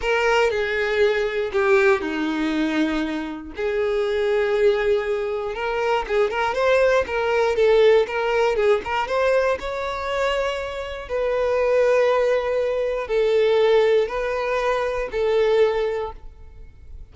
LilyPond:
\new Staff \with { instrumentName = "violin" } { \time 4/4 \tempo 4 = 119 ais'4 gis'2 g'4 | dis'2. gis'4~ | gis'2. ais'4 | gis'8 ais'8 c''4 ais'4 a'4 |
ais'4 gis'8 ais'8 c''4 cis''4~ | cis''2 b'2~ | b'2 a'2 | b'2 a'2 | }